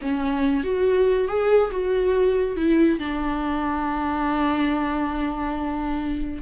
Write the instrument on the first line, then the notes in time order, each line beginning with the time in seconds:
viola
0.01 C#4
0.63 F#4
1.28 G#4
1.71 F#4
2.56 E4
2.99 D4